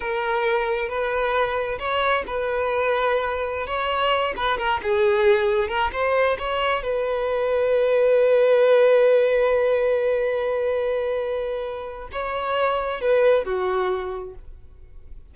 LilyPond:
\new Staff \with { instrumentName = "violin" } { \time 4/4 \tempo 4 = 134 ais'2 b'2 | cis''4 b'2.~ | b'16 cis''4. b'8 ais'8 gis'4~ gis'16~ | gis'8. ais'8 c''4 cis''4 b'8.~ |
b'1~ | b'1~ | b'2. cis''4~ | cis''4 b'4 fis'2 | }